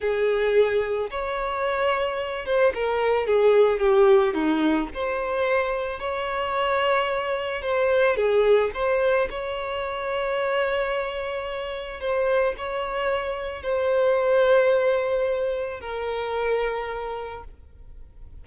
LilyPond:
\new Staff \with { instrumentName = "violin" } { \time 4/4 \tempo 4 = 110 gis'2 cis''2~ | cis''8 c''8 ais'4 gis'4 g'4 | dis'4 c''2 cis''4~ | cis''2 c''4 gis'4 |
c''4 cis''2.~ | cis''2 c''4 cis''4~ | cis''4 c''2.~ | c''4 ais'2. | }